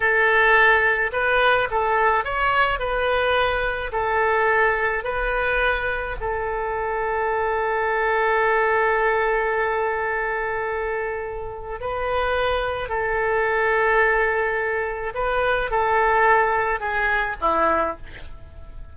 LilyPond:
\new Staff \with { instrumentName = "oboe" } { \time 4/4 \tempo 4 = 107 a'2 b'4 a'4 | cis''4 b'2 a'4~ | a'4 b'2 a'4~ | a'1~ |
a'1~ | a'4 b'2 a'4~ | a'2. b'4 | a'2 gis'4 e'4 | }